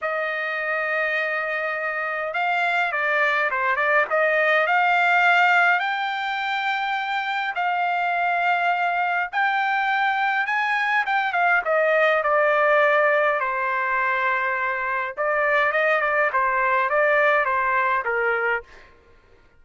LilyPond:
\new Staff \with { instrumentName = "trumpet" } { \time 4/4 \tempo 4 = 103 dis''1 | f''4 d''4 c''8 d''8 dis''4 | f''2 g''2~ | g''4 f''2. |
g''2 gis''4 g''8 f''8 | dis''4 d''2 c''4~ | c''2 d''4 dis''8 d''8 | c''4 d''4 c''4 ais'4 | }